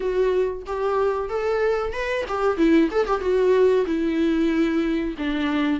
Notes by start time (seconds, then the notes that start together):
0.00 F#4
0.66 G4
1.29 A4
1.92 B4
2.28 G4
2.57 E4
2.91 A4
3.06 G4
3.20 F#4
3.85 E4
5.18 D4